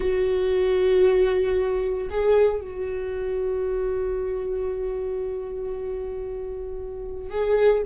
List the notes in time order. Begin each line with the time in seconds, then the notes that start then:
0.00 F#4
2.10 G#4
2.60 F#4
7.30 G#4